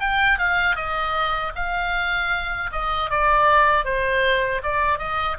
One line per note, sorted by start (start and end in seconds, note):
0.00 0.38 G5
0.38 0.76 F5
0.76 1.53 D#5
1.55 2.71 F5
2.72 3.10 D#5
3.10 3.85 D5
3.85 4.62 C5
4.63 4.99 D5
4.99 5.37 D#5